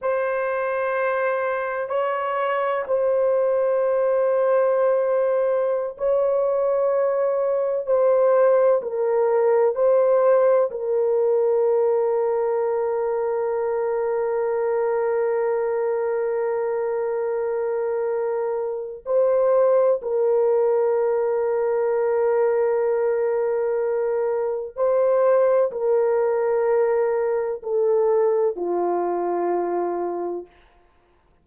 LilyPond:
\new Staff \with { instrumentName = "horn" } { \time 4/4 \tempo 4 = 63 c''2 cis''4 c''4~ | c''2~ c''16 cis''4.~ cis''16~ | cis''16 c''4 ais'4 c''4 ais'8.~ | ais'1~ |
ais'1 | c''4 ais'2.~ | ais'2 c''4 ais'4~ | ais'4 a'4 f'2 | }